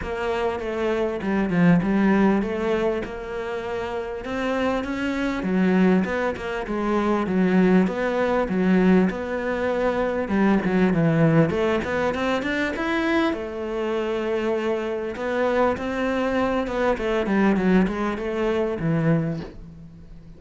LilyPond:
\new Staff \with { instrumentName = "cello" } { \time 4/4 \tempo 4 = 99 ais4 a4 g8 f8 g4 | a4 ais2 c'4 | cis'4 fis4 b8 ais8 gis4 | fis4 b4 fis4 b4~ |
b4 g8 fis8 e4 a8 b8 | c'8 d'8 e'4 a2~ | a4 b4 c'4. b8 | a8 g8 fis8 gis8 a4 e4 | }